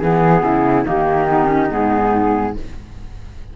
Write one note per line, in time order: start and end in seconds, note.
0.00 0.43 E3
0.00 0.86 B3
0.00 0.85 G#4
0.00 0.44 G#4
0.43 0.85 C#3
0.43 0.86 E4
0.86 1.72 D#3
0.86 1.28 A#3
0.86 2.55 D#4
0.86 1.72 G4
1.29 1.46 B3
1.46 1.67 C#4
1.70 2.56 G#2
1.70 2.55 B3
1.70 2.57 G#4